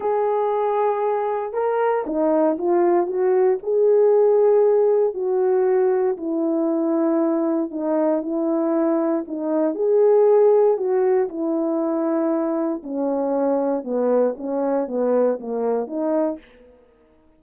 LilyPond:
\new Staff \with { instrumentName = "horn" } { \time 4/4 \tempo 4 = 117 gis'2. ais'4 | dis'4 f'4 fis'4 gis'4~ | gis'2 fis'2 | e'2. dis'4 |
e'2 dis'4 gis'4~ | gis'4 fis'4 e'2~ | e'4 cis'2 b4 | cis'4 b4 ais4 dis'4 | }